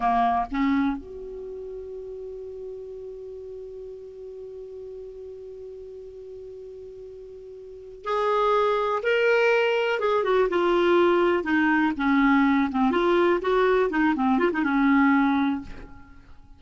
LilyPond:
\new Staff \with { instrumentName = "clarinet" } { \time 4/4 \tempo 4 = 123 ais4 cis'4 fis'2~ | fis'1~ | fis'1~ | fis'1~ |
fis'8 gis'2 ais'4.~ | ais'8 gis'8 fis'8 f'2 dis'8~ | dis'8 cis'4. c'8 f'4 fis'8~ | fis'8 dis'8 c'8 f'16 dis'16 cis'2 | }